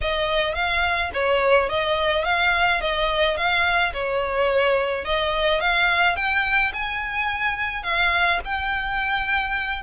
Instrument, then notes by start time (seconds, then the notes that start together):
violin
0.01 D#5
0.54 F5
1.13 C#5
1.69 D#5
2.24 F5
2.80 D#5
3.36 F5
3.93 C#5
5.04 D#5
5.60 F5
6.16 G5
6.73 G#5
7.83 F5
8.44 G5